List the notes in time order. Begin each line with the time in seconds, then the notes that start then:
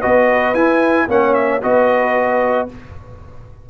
0.00 B3 F#4 B4 D#5
0.54 E4 G#5
1.07 A#3 C#4 C#5 F#5
1.34 E5
1.62 B3 F#4 B4 D#5